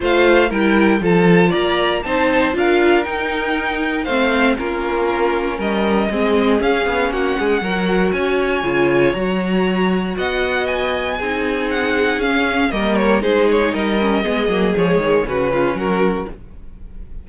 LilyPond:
<<
  \new Staff \with { instrumentName = "violin" } { \time 4/4 \tempo 4 = 118 f''4 g''4 a''4 ais''4 | a''4 f''4 g''2 | f''4 ais'2 dis''4~ | dis''4 f''4 fis''2 |
gis''2 ais''2 | fis''4 gis''2 fis''4 | f''4 dis''8 cis''8 c''8 cis''8 dis''4~ | dis''4 cis''4 b'4 ais'4 | }
  \new Staff \with { instrumentName = "violin" } { \time 4/4 c''4 ais'4 a'4 d''4 | c''4 ais'2. | c''4 f'2 ais'4 | gis'2 fis'8 gis'8 ais'4 |
cis''1 | dis''2 gis'2~ | gis'4 ais'4 gis'4 ais'4 | gis'2 fis'8 f'8 fis'4 | }
  \new Staff \with { instrumentName = "viola" } { \time 4/4 f'4 e'4 f'2 | dis'4 f'4 dis'2 | c'4 cis'2. | c'4 cis'2 fis'4~ |
fis'4 f'4 fis'2~ | fis'2 dis'2 | cis'4 ais4 dis'4. cis'8 | b8 ais8 gis4 cis'2 | }
  \new Staff \with { instrumentName = "cello" } { \time 4/4 a4 g4 f4 ais4 | c'4 d'4 dis'2 | a4 ais2 g4 | gis4 cis'8 b8 ais8 gis8 fis4 |
cis'4 cis4 fis2 | b2 c'2 | cis'4 g4 gis4 g4 | gis8 fis8 f8 dis8 cis4 fis4 | }
>>